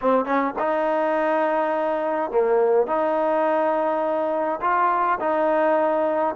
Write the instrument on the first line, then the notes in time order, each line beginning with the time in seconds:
trombone
0.01 C4
0.25 C#4
0.58 D#4
2.31 A#3
2.87 D#4
4.61 F4
5.19 D#4